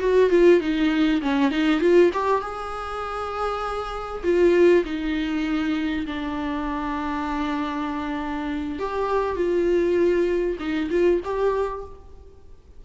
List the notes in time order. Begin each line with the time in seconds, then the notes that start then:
0.00 F#4
0.30 F4
0.61 D#4
1.22 C#4
1.51 D#4
1.81 F4
2.13 G4
2.42 G#4
4.24 F4
4.85 D#4
6.07 D4
8.80 G4
9.36 F4
10.60 D#4
10.91 F4
11.25 G4